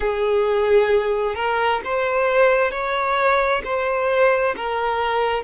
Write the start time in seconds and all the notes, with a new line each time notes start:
0.00 G#4
1.35 A#4
1.84 C5
2.71 C#5
3.64 C5
4.56 A#4